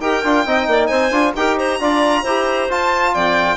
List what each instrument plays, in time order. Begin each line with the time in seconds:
0.00 bassoon D#4, trombone G4, clarinet A#4, violin G5
0.24 bassoon D4, trombone F4
0.46 bassoon C4, trombone D#4, clarinet D#5
0.68 bassoon A#3, clarinet D5
0.87 bassoon C4, clarinet C5, violin G#5
1.12 bassoon D4, trombone F4
1.36 bassoon D#4, trombone G4, clarinet A#4, violin G5
1.57 clarinet C5, violin A#5
1.81 bassoon D4, trombone F4, clarinet D5
2.23 bassoon E4, trombone G4, clarinet C5
2.70 trombone F4, bassoon F4, violin A5
3.14 bassoon F2, clarinet D5, violin G5